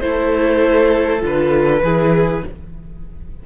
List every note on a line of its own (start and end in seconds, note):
0.00 1.22 A3
0.00 1.21 E4
0.00 1.83 A4
0.00 1.20 C5
1.21 1.82 D3
1.21 1.80 F4
1.21 2.46 B4
1.82 2.43 E3
1.82 2.45 E4
1.82 2.43 G#4